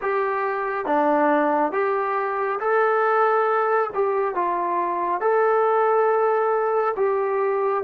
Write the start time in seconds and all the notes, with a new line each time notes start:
0.01 G4
0.85 D4
1.72 G4
2.59 A4
3.94 G4
4.34 F4
5.20 A4
6.96 G4